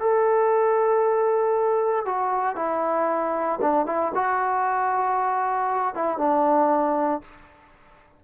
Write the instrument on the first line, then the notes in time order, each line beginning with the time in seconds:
trombone
0.00 A4
2.06 F#4
2.56 E4
3.62 D4
3.87 E4
4.15 F#4
5.95 E4
6.18 D4